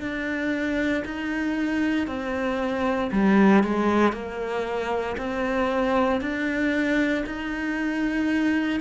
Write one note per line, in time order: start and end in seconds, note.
0.00 1.03 D4
1.05 2.07 D#4
2.07 3.11 C4
3.12 3.63 G3
3.63 4.13 G#3
4.13 5.16 A#3
5.18 6.21 C4
6.21 7.25 D4
7.26 8.81 D#4